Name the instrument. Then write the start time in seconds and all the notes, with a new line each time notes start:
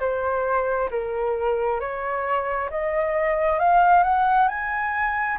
flute
0.00 C5
0.91 A#4
1.80 C#5
2.70 D#5
3.59 F5
4.03 F#5
4.49 G#5